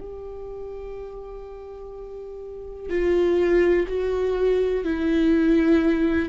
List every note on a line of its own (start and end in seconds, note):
0.00 2.90 G4
2.90 3.87 F4
3.88 4.85 F#4
4.85 6.29 E4